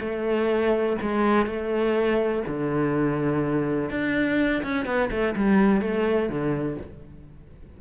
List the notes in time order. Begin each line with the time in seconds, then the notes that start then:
0.00 A3
1.02 G#3
1.46 A3
2.47 D3
3.90 D4
4.63 C#4
4.86 B3
5.11 A3
5.36 G3
5.81 A3
6.29 D3